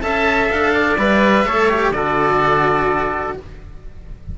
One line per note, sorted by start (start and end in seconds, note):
0.00 0.50 C#4
0.00 0.95 A4
0.00 0.74 E5
0.00 0.48 A5
0.50 0.98 D4
0.50 0.97 F5
0.74 1.46 D5
0.98 1.45 G3
0.98 1.46 B4
0.98 1.92 E5
1.45 1.90 A3
1.45 1.69 A4
1.45 1.94 C#5
1.69 1.93 G4
1.90 3.33 D3
1.90 3.36 F#4
1.90 3.38 A4
1.90 3.35 D5